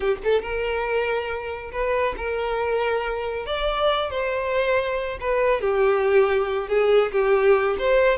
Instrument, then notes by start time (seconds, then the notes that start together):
violin
0.00 G4
0.23 A4
0.41 A#4
1.72 B4
2.17 A#4
3.46 D5
4.10 C5
5.20 B4
5.61 G4
6.68 G#4
7.12 G4
7.78 C5